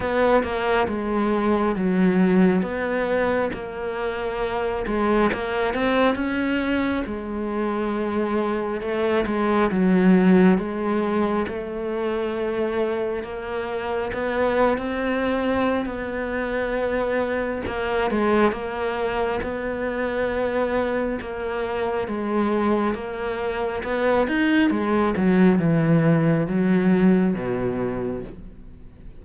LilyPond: \new Staff \with { instrumentName = "cello" } { \time 4/4 \tempo 4 = 68 b8 ais8 gis4 fis4 b4 | ais4. gis8 ais8 c'8 cis'4 | gis2 a8 gis8 fis4 | gis4 a2 ais4 |
b8. c'4~ c'16 b2 | ais8 gis8 ais4 b2 | ais4 gis4 ais4 b8 dis'8 | gis8 fis8 e4 fis4 b,4 | }